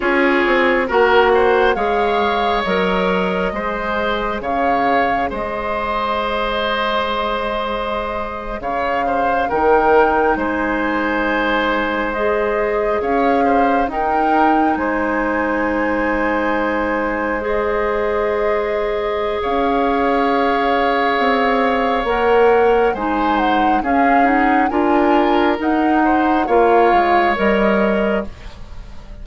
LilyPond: <<
  \new Staff \with { instrumentName = "flute" } { \time 4/4 \tempo 4 = 68 cis''4 fis''4 f''4 dis''4~ | dis''4 f''4 dis''2~ | dis''4.~ dis''16 f''4 g''4 gis''16~ | gis''4.~ gis''16 dis''4 f''4 g''16~ |
g''8. gis''2. dis''16~ | dis''2 f''2~ | f''4 fis''4 gis''8 fis''8 f''8 fis''8 | gis''4 fis''4 f''4 dis''4 | }
  \new Staff \with { instrumentName = "oboe" } { \time 4/4 gis'4 ais'8 c''8 cis''2 | c''4 cis''4 c''2~ | c''4.~ c''16 cis''8 c''8 ais'4 c''16~ | c''2~ c''8. cis''8 c''8 ais'16~ |
ais'8. c''2.~ c''16~ | c''2 cis''2~ | cis''2 c''4 gis'4 | ais'4. c''8 cis''2 | }
  \new Staff \with { instrumentName = "clarinet" } { \time 4/4 f'4 fis'4 gis'4 ais'4 | gis'1~ | gis'2~ gis'8. dis'4~ dis'16~ | dis'4.~ dis'16 gis'2 dis'16~ |
dis'2.~ dis'8. gis'16~ | gis'1~ | gis'4 ais'4 dis'4 cis'8 dis'8 | f'4 dis'4 f'4 ais'4 | }
  \new Staff \with { instrumentName = "bassoon" } { \time 4/4 cis'8 c'8 ais4 gis4 fis4 | gis4 cis4 gis2~ | gis4.~ gis16 cis4 dis4 gis16~ | gis2~ gis8. cis'4 dis'16~ |
dis'8. gis2.~ gis16~ | gis2 cis'2 | c'4 ais4 gis4 cis'4 | d'4 dis'4 ais8 gis8 g4 | }
>>